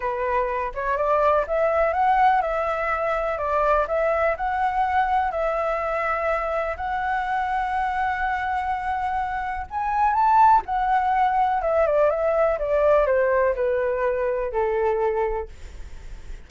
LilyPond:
\new Staff \with { instrumentName = "flute" } { \time 4/4 \tempo 4 = 124 b'4. cis''8 d''4 e''4 | fis''4 e''2 d''4 | e''4 fis''2 e''4~ | e''2 fis''2~ |
fis''1 | gis''4 a''4 fis''2 | e''8 d''8 e''4 d''4 c''4 | b'2 a'2 | }